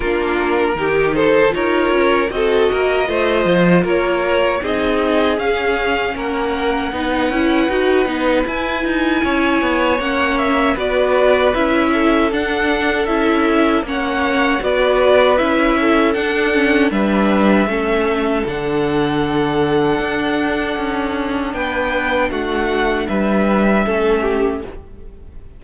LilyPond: <<
  \new Staff \with { instrumentName = "violin" } { \time 4/4 \tempo 4 = 78 ais'4. c''8 cis''4 dis''4~ | dis''4 cis''4 dis''4 f''4 | fis''2. gis''4~ | gis''4 fis''8 e''8 d''4 e''4 |
fis''4 e''4 fis''4 d''4 | e''4 fis''4 e''2 | fis''1 | g''4 fis''4 e''2 | }
  \new Staff \with { instrumentName = "violin" } { \time 4/4 f'4 g'8 a'8 ais'4 a'8 ais'8 | c''4 ais'4 gis'2 | ais'4 b'2. | cis''2 b'4. a'8~ |
a'2 cis''4 b'4~ | b'8 a'4. b'4 a'4~ | a'1 | b'4 fis'4 b'4 a'8 g'8 | }
  \new Staff \with { instrumentName = "viola" } { \time 4/4 d'4 dis'4 f'4 fis'4 | f'2 dis'4 cis'4~ | cis'4 dis'8 e'8 fis'8 dis'8 e'4~ | e'4 cis'4 fis'4 e'4 |
d'4 e'4 cis'4 fis'4 | e'4 d'8 cis'8 d'4 cis'4 | d'1~ | d'2. cis'4 | }
  \new Staff \with { instrumentName = "cello" } { \time 4/4 ais4 dis4 dis'8 cis'8 c'8 ais8 | a8 f8 ais4 c'4 cis'4 | ais4 b8 cis'8 dis'8 b8 e'8 dis'8 | cis'8 b8 ais4 b4 cis'4 |
d'4 cis'4 ais4 b4 | cis'4 d'4 g4 a4 | d2 d'4 cis'4 | b4 a4 g4 a4 | }
>>